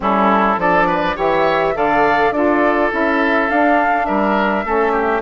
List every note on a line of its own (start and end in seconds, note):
0.00 0.56 G3
0.00 0.56 C#4
0.00 0.59 E4
0.00 0.60 A4
0.56 1.15 F3
0.56 1.16 D4
0.56 0.87 A4
0.56 1.18 D5
0.87 1.16 B4
1.16 1.75 E3
1.16 1.73 G4
1.16 1.74 C#5
1.16 1.76 E5
1.73 2.31 D3
1.73 2.32 A4
1.73 2.34 D5
1.73 2.32 F5
2.31 2.89 D4
2.31 2.90 F4
2.31 4.06 A4
2.31 2.90 D5
2.90 3.50 C#4
2.90 3.48 E4
2.90 3.50 E5
3.50 4.08 D4
3.50 4.64 D4
3.50 4.05 F5
4.05 4.65 G3
4.05 4.65 A#4
4.05 5.21 E5
4.64 5.21 A3
4.64 5.21 C#4
4.64 4.92 A4
4.92 5.21 G4